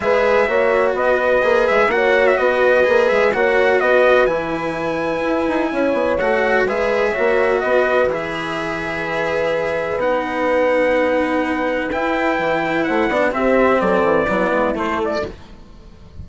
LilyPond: <<
  \new Staff \with { instrumentName = "trumpet" } { \time 4/4 \tempo 4 = 126 e''2 dis''4. e''8 | fis''8. e''16 dis''4. e''8 fis''4 | dis''4 gis''2.~ | gis''4 fis''4 e''2 |
dis''4 e''2.~ | e''4 fis''2.~ | fis''4 g''2 fis''4 | e''4 d''2 c''8 d''8 | }
  \new Staff \with { instrumentName = "horn" } { \time 4/4 b'4 cis''4 b'2 | cis''4 b'2 cis''4 | b'1 | cis''2 b'4 cis''4 |
b'1~ | b'1~ | b'2. c''8 d''8 | g'4 a'4 e'2 | }
  \new Staff \with { instrumentName = "cello" } { \time 4/4 gis'4 fis'2 gis'4 | fis'2 gis'4 fis'4~ | fis'4 e'2.~ | e'4 fis'4 gis'4 fis'4~ |
fis'4 gis'2.~ | gis'4 dis'2.~ | dis'4 e'2~ e'8 d'8 | c'2 b4 a4 | }
  \new Staff \with { instrumentName = "bassoon" } { \time 4/4 gis4 ais4 b4 ais8 gis8 | ais4 b4 ais8 gis8 ais4 | b4 e2 e'8 dis'8 | cis'8 b8 a4 gis4 ais4 |
b4 e2.~ | e4 b2.~ | b4 e'4 e4 a8 b8 | c'4 fis8 e8 fis8 gis8 a4 | }
>>